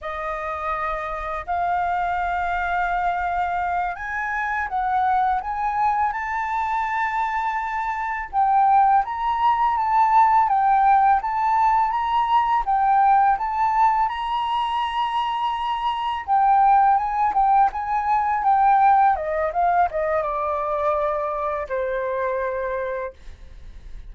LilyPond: \new Staff \with { instrumentName = "flute" } { \time 4/4 \tempo 4 = 83 dis''2 f''2~ | f''4. gis''4 fis''4 gis''8~ | gis''8 a''2. g''8~ | g''8 ais''4 a''4 g''4 a''8~ |
a''8 ais''4 g''4 a''4 ais''8~ | ais''2~ ais''8 g''4 gis''8 | g''8 gis''4 g''4 dis''8 f''8 dis''8 | d''2 c''2 | }